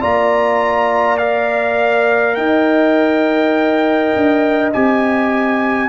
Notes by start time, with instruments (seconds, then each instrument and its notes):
0.00 tuba A#3, trombone F4, horn D5, trumpet A#5
1.17 trombone A#4, trumpet F5
2.35 tuba D#4, horn D#5, trumpet G5
4.15 tuba D4
4.73 tuba C4, trombone G4, trumpet G#5